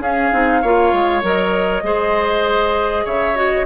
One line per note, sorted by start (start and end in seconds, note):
0.00 0.30 C#4
0.00 0.33 C#4
0.00 0.62 G#4
0.00 1.23 F5
0.33 0.63 C4
0.33 0.63 D#4
0.62 0.93 A#3
0.62 1.23 F4
0.62 1.83 C#5
0.93 1.23 G#3
1.23 1.83 F#3
1.23 1.83 A#4
1.23 3.07 D#5
1.83 3.04 G#3
1.83 3.35 G#4
1.83 3.05 C5
3.05 3.66 C#3
3.05 3.66 C#5
3.05 3.37 E5
3.35 3.66 F#4
3.35 3.66 D#5